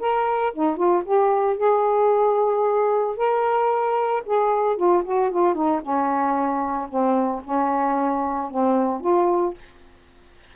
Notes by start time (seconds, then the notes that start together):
0.00 A#4
0.54 D#4
0.77 F4
1.05 G4
1.57 G#4
3.17 A#4
4.26 G#4
4.77 F4
5.04 F#4
5.31 F4
5.55 D#4
5.82 C#4
6.89 C4
7.44 C#4
8.51 C4
9.01 F4